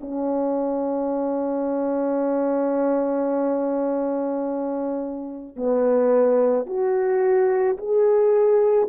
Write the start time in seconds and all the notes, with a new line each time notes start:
0.00 C#4
5.56 B3
6.66 F#4
7.77 G#4